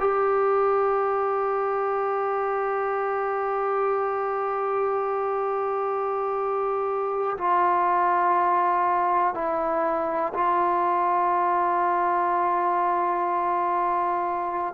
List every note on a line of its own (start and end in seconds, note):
0.00 7.38 G4
7.38 9.35 F4
9.35 10.33 E4
10.34 14.75 F4